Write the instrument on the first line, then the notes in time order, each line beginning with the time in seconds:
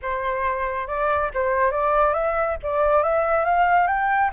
flute
0.02 C5
0.87 D5
1.34 C5
1.71 D5
2.13 E5
2.63 D5
3.03 E5
3.44 F5
3.87 G5